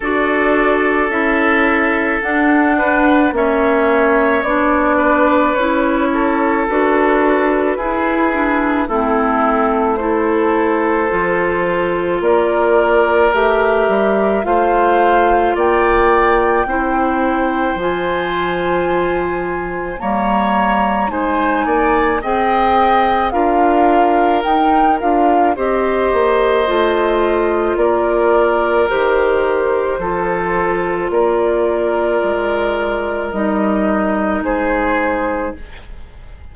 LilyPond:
<<
  \new Staff \with { instrumentName = "flute" } { \time 4/4 \tempo 4 = 54 d''4 e''4 fis''4 e''4 | d''4 cis''4 b'2 | a'4 c''2 d''4 | e''4 f''4 g''2 |
gis''2 ais''4 gis''4 | g''4 f''4 g''8 f''8 dis''4~ | dis''4 d''4 c''2 | d''2 dis''4 c''4 | }
  \new Staff \with { instrumentName = "oboe" } { \time 4/4 a'2~ a'8 b'8 cis''4~ | cis''8 b'4 a'4. gis'4 | e'4 a'2 ais'4~ | ais'4 c''4 d''4 c''4~ |
c''2 cis''4 c''8 d''8 | dis''4 ais'2 c''4~ | c''4 ais'2 a'4 | ais'2. gis'4 | }
  \new Staff \with { instrumentName = "clarinet" } { \time 4/4 fis'4 e'4 d'4 cis'4 | d'4 e'4 fis'4 e'8 d'8 | c'4 e'4 f'2 | g'4 f'2 e'4 |
f'2 ais4 dis'4 | gis'4 f'4 dis'8 f'8 g'4 | f'2 g'4 f'4~ | f'2 dis'2 | }
  \new Staff \with { instrumentName = "bassoon" } { \time 4/4 d'4 cis'4 d'4 ais4 | b4 cis'4 d'4 e'4 | a2 f4 ais4 | a8 g8 a4 ais4 c'4 |
f2 g4 gis8 ais8 | c'4 d'4 dis'8 d'8 c'8 ais8 | a4 ais4 dis4 f4 | ais4 gis4 g4 gis4 | }
>>